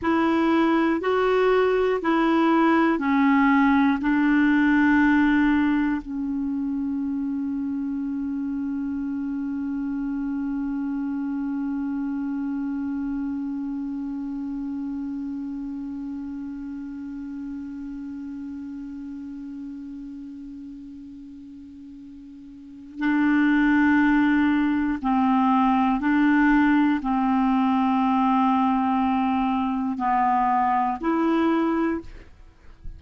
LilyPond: \new Staff \with { instrumentName = "clarinet" } { \time 4/4 \tempo 4 = 60 e'4 fis'4 e'4 cis'4 | d'2 cis'2~ | cis'1~ | cis'1~ |
cis'1~ | cis'2. d'4~ | d'4 c'4 d'4 c'4~ | c'2 b4 e'4 | }